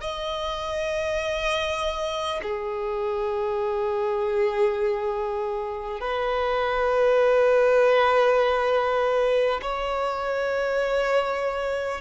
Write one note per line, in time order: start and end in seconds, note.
0.00 2.40 D#5
2.42 6.00 G#4
6.00 9.60 B4
9.62 12.01 C#5